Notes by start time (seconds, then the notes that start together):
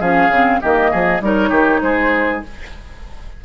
0.00 F3 C#4 G#4 F5
0.28 C#3 C4
0.61 D#3 A#3 G4 D#5
0.91 F3 G#4
1.21 G3 D#4 A#4 C#5
1.50 D#3 G4
1.82 G#3 G#4 C5